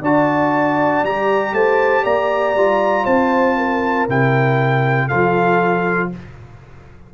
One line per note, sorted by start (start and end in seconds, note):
0.00 1.02 D4
0.00 1.06 F#4
0.00 1.53 D5
0.00 1.04 A5
1.03 1.52 G3
1.03 2.56 G4
1.03 1.54 A#5
1.52 2.03 A3
1.52 2.03 C5
1.52 2.04 A5
2.03 2.54 A#3
2.03 3.03 D5
2.03 3.05 A#5
2.54 3.05 G3
2.54 4.09 F4
3.03 4.07 C4
3.03 3.54 C5
3.03 4.07 A5
3.57 5.07 A#4
4.08 5.10 C3
4.08 5.10 E4
4.08 5.08 G5
5.07 6.14 F3
5.07 6.11 F4
5.07 6.08 A4
5.07 6.09 F5